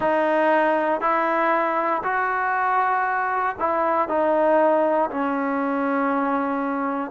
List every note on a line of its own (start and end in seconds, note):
0.00 1.00 D#4
1.00 2.02 E4
2.03 3.56 F#4
3.59 4.08 E4
4.08 5.10 D#4
5.10 7.11 C#4